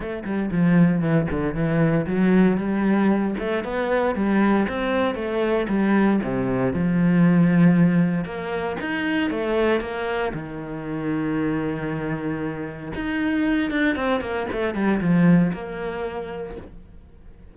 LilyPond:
\new Staff \with { instrumentName = "cello" } { \time 4/4 \tempo 4 = 116 a8 g8 f4 e8 d8 e4 | fis4 g4. a8 b4 | g4 c'4 a4 g4 | c4 f2. |
ais4 dis'4 a4 ais4 | dis1~ | dis4 dis'4. d'8 c'8 ais8 | a8 g8 f4 ais2 | }